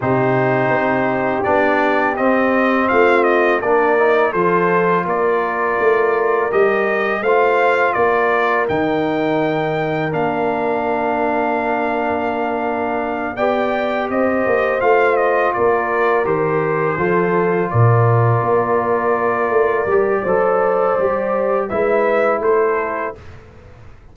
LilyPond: <<
  \new Staff \with { instrumentName = "trumpet" } { \time 4/4 \tempo 4 = 83 c''2 d''4 dis''4 | f''8 dis''8 d''4 c''4 d''4~ | d''4 dis''4 f''4 d''4 | g''2 f''2~ |
f''2~ f''8 g''4 dis''8~ | dis''8 f''8 dis''8 d''4 c''4.~ | c''8 d''2.~ d''8~ | d''2 e''4 c''4 | }
  \new Staff \with { instrumentName = "horn" } { \time 4/4 g'1 | f'4 ais'4 a'4 ais'4~ | ais'2 c''4 ais'4~ | ais'1~ |
ais'2~ ais'8 d''4 c''8~ | c''4. ais'2 a'8~ | a'8 ais'2.~ ais'8 | c''2 b'4 a'4 | }
  \new Staff \with { instrumentName = "trombone" } { \time 4/4 dis'2 d'4 c'4~ | c'4 d'8 dis'8 f'2~ | f'4 g'4 f'2 | dis'2 d'2~ |
d'2~ d'8 g'4.~ | g'8 f'2 g'4 f'8~ | f'2.~ f'8 g'8 | a'4 g'4 e'2 | }
  \new Staff \with { instrumentName = "tuba" } { \time 4/4 c4 c'4 b4 c'4 | a4 ais4 f4 ais4 | a4 g4 a4 ais4 | dis2 ais2~ |
ais2~ ais8 b4 c'8 | ais8 a4 ais4 dis4 f8~ | f8 ais,4 ais4. a8 g8 | fis4 g4 gis4 a4 | }
>>